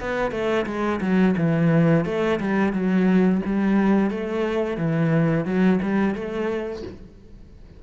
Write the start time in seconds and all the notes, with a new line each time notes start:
0.00 B3
0.31 A3
0.66 G#3
1.01 F#3
1.37 E3
2.05 A3
2.40 G3
2.73 F#3
3.46 G3
4.10 A3
4.77 E3
5.45 F#3
5.82 G3
6.15 A3